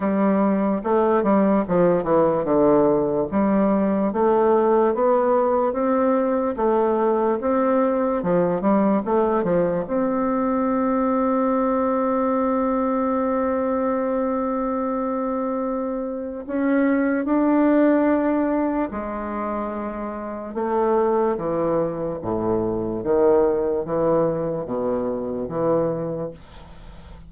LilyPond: \new Staff \with { instrumentName = "bassoon" } { \time 4/4 \tempo 4 = 73 g4 a8 g8 f8 e8 d4 | g4 a4 b4 c'4 | a4 c'4 f8 g8 a8 f8 | c'1~ |
c'1 | cis'4 d'2 gis4~ | gis4 a4 e4 a,4 | dis4 e4 b,4 e4 | }